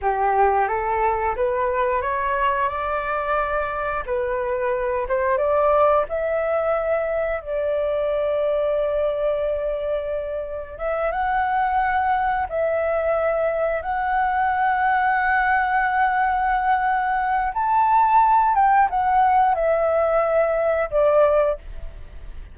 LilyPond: \new Staff \with { instrumentName = "flute" } { \time 4/4 \tempo 4 = 89 g'4 a'4 b'4 cis''4 | d''2 b'4. c''8 | d''4 e''2 d''4~ | d''1 |
e''8 fis''2 e''4.~ | e''8 fis''2.~ fis''8~ | fis''2 a''4. g''8 | fis''4 e''2 d''4 | }